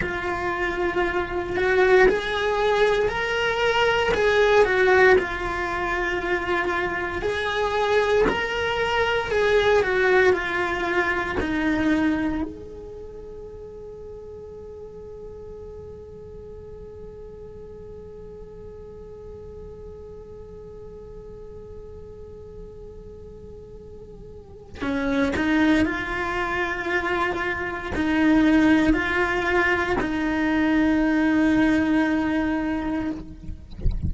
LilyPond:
\new Staff \with { instrumentName = "cello" } { \time 4/4 \tempo 4 = 58 f'4. fis'8 gis'4 ais'4 | gis'8 fis'8 f'2 gis'4 | ais'4 gis'8 fis'8 f'4 dis'4 | gis'1~ |
gis'1~ | gis'1 | cis'8 dis'8 f'2 dis'4 | f'4 dis'2. | }